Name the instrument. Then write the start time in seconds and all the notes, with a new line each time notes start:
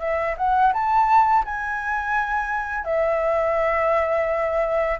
flute
0.00 E5
0.38 F#5
0.74 A5
1.45 G#5
2.85 E5